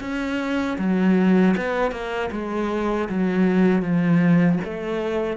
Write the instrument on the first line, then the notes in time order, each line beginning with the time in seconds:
cello
0.00 C#4
0.78 F#3
1.56 B3
1.91 A#3
2.31 G#3
3.09 F#3
3.82 F3
4.64 A3